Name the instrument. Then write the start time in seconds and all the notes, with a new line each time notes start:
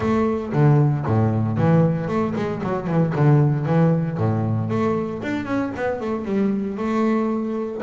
double bass
0.00 A3
0.52 D3
1.06 A2
1.57 E3
2.08 A3
2.35 G#3
2.63 F#3
2.87 E3
3.15 D3
3.65 E3
4.17 A2
4.70 A3
5.22 D4
5.45 C#4
5.76 B3
6.00 A3
6.25 G3
6.77 A3